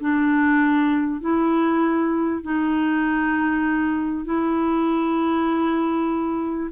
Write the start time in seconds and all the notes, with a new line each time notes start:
0.00 D4
1.21 E4
2.42 D#4
4.25 E4